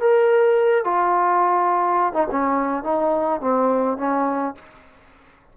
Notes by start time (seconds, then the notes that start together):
0.00 A#4
0.84 F4
2.13 D#4
2.31 C#4
2.83 D#4
3.41 C4
3.97 C#4